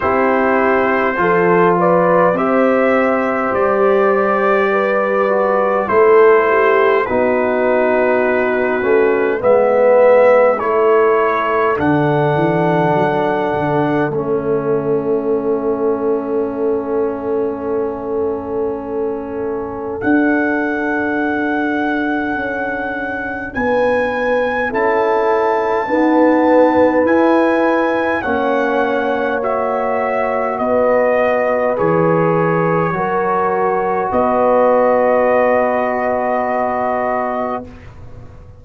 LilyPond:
<<
  \new Staff \with { instrumentName = "trumpet" } { \time 4/4 \tempo 4 = 51 c''4. d''8 e''4 d''4~ | d''4 c''4 b'2 | e''4 cis''4 fis''2 | e''1~ |
e''4 fis''2. | gis''4 a''2 gis''4 | fis''4 e''4 dis''4 cis''4~ | cis''4 dis''2. | }
  \new Staff \with { instrumentName = "horn" } { \time 4/4 g'4 a'8 b'8 c''2 | b'4 a'8 g'8 fis'2 | b'4 a'2.~ | a'1~ |
a'1 | b'4 a'4 b'2 | cis''2 b'2 | ais'4 b'2. | }
  \new Staff \with { instrumentName = "trombone" } { \time 4/4 e'4 f'4 g'2~ | g'8 fis'8 e'4 dis'4. cis'8 | b4 e'4 d'2 | cis'1~ |
cis'4 d'2.~ | d'4 e'4 b4 e'4 | cis'4 fis'2 gis'4 | fis'1 | }
  \new Staff \with { instrumentName = "tuba" } { \time 4/4 c'4 f4 c'4 g4~ | g4 a4 b4. a8 | gis4 a4 d8 e8 fis8 d8 | a1~ |
a4 d'2 cis'4 | b4 cis'4 dis'4 e'4 | ais2 b4 e4 | fis4 b2. | }
>>